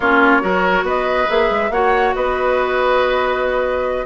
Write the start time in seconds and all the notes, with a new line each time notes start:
0.00 A#3 C#4 F4 C#5
0.41 F#3 F#4 A#4
0.82 B3 B4 D#5
1.27 A#3 G#4 E5
1.50 G#3
1.69 A#3 F#4 C#5 F#5
2.15 B3 B4 D#5